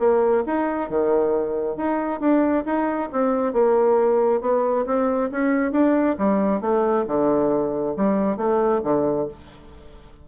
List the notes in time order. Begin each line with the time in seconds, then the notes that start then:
0.00 A#3
0.47 D#4
0.90 D#3
1.77 D#4
2.21 D4
2.66 D#4
3.13 C4
3.54 A#3
4.42 B3
4.87 C4
5.32 C#4
5.73 D4
6.19 G3
6.62 A3
7.08 D3
7.97 G3
8.37 A3
8.84 D3